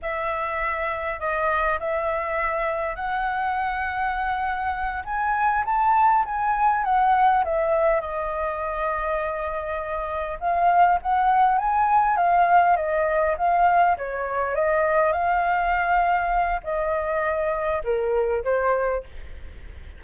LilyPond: \new Staff \with { instrumentName = "flute" } { \time 4/4 \tempo 4 = 101 e''2 dis''4 e''4~ | e''4 fis''2.~ | fis''8 gis''4 a''4 gis''4 fis''8~ | fis''8 e''4 dis''2~ dis''8~ |
dis''4. f''4 fis''4 gis''8~ | gis''8 f''4 dis''4 f''4 cis''8~ | cis''8 dis''4 f''2~ f''8 | dis''2 ais'4 c''4 | }